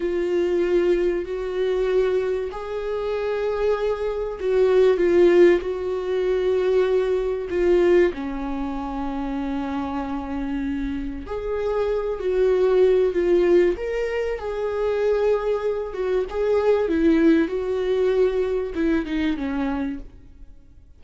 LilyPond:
\new Staff \with { instrumentName = "viola" } { \time 4/4 \tempo 4 = 96 f'2 fis'2 | gis'2. fis'4 | f'4 fis'2. | f'4 cis'2.~ |
cis'2 gis'4. fis'8~ | fis'4 f'4 ais'4 gis'4~ | gis'4. fis'8 gis'4 e'4 | fis'2 e'8 dis'8 cis'4 | }